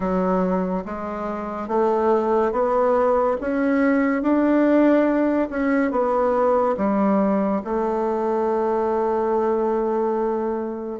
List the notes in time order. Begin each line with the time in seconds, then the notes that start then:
0.00 F#3
0.85 G#3
1.68 A3
2.52 B3
3.40 C#4
4.22 D4
5.50 C#4
5.91 B3
6.77 G3
7.64 A3